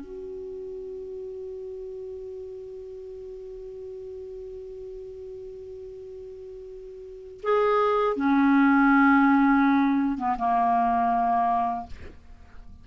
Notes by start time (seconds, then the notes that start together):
0.00 F#4
7.43 G#4
8.16 C#4
10.18 B3
10.38 A#3